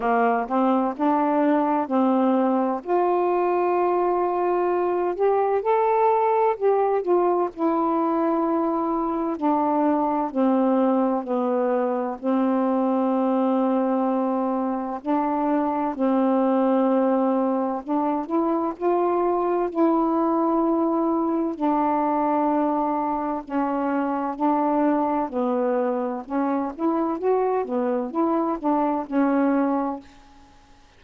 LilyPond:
\new Staff \with { instrumentName = "saxophone" } { \time 4/4 \tempo 4 = 64 ais8 c'8 d'4 c'4 f'4~ | f'4. g'8 a'4 g'8 f'8 | e'2 d'4 c'4 | b4 c'2. |
d'4 c'2 d'8 e'8 | f'4 e'2 d'4~ | d'4 cis'4 d'4 b4 | cis'8 e'8 fis'8 b8 e'8 d'8 cis'4 | }